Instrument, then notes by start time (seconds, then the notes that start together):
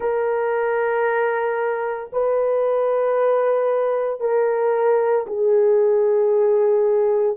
horn
0.00 A#4
2.12 B4
4.20 A#4
5.26 G#4